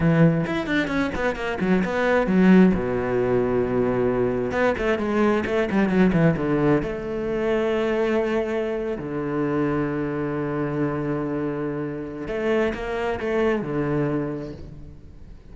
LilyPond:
\new Staff \with { instrumentName = "cello" } { \time 4/4 \tempo 4 = 132 e4 e'8 d'8 cis'8 b8 ais8 fis8 | b4 fis4 b,2~ | b,2 b8 a8 gis4 | a8 g8 fis8 e8 d4 a4~ |
a2.~ a8. d16~ | d1~ | d2. a4 | ais4 a4 d2 | }